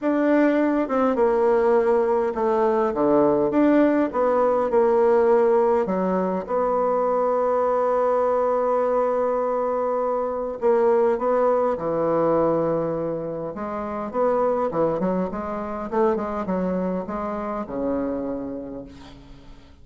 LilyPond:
\new Staff \with { instrumentName = "bassoon" } { \time 4/4 \tempo 4 = 102 d'4. c'8 ais2 | a4 d4 d'4 b4 | ais2 fis4 b4~ | b1~ |
b2 ais4 b4 | e2. gis4 | b4 e8 fis8 gis4 a8 gis8 | fis4 gis4 cis2 | }